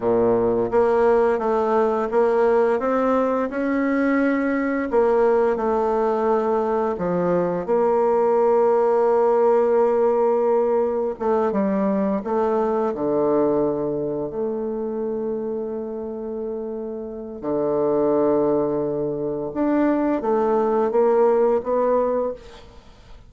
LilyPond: \new Staff \with { instrumentName = "bassoon" } { \time 4/4 \tempo 4 = 86 ais,4 ais4 a4 ais4 | c'4 cis'2 ais4 | a2 f4 ais4~ | ais1 |
a8 g4 a4 d4.~ | d8 a2.~ a8~ | a4 d2. | d'4 a4 ais4 b4 | }